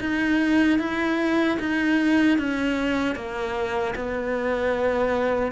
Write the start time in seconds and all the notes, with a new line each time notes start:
0.00 D#4
0.79 E4
1.59 D#4
2.38 C#4
3.15 A#3
3.95 B3